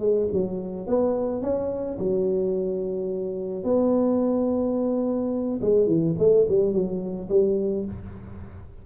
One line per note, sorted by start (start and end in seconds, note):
0.00 0.28 G#3
0.33 0.88 F#3
0.88 1.42 B3
1.42 1.99 C#4
1.99 3.64 F#3
3.64 5.61 B3
5.62 5.87 G#3
5.87 6.15 E3
6.19 6.47 A3
6.49 6.73 G3
6.73 7.29 F#3
7.29 7.86 G3